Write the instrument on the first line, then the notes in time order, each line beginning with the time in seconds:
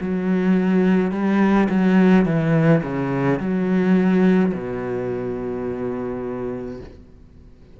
cello
0.00 F#3
1.11 G3
1.69 F#3
2.25 E3
2.83 C#3
3.40 F#3
4.53 B2